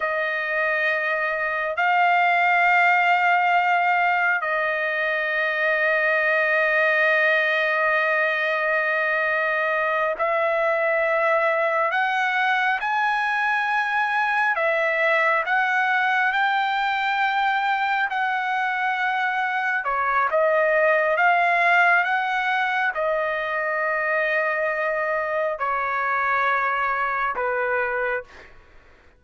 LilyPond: \new Staff \with { instrumentName = "trumpet" } { \time 4/4 \tempo 4 = 68 dis''2 f''2~ | f''4 dis''2.~ | dis''2.~ dis''8 e''8~ | e''4. fis''4 gis''4.~ |
gis''8 e''4 fis''4 g''4.~ | g''8 fis''2 cis''8 dis''4 | f''4 fis''4 dis''2~ | dis''4 cis''2 b'4 | }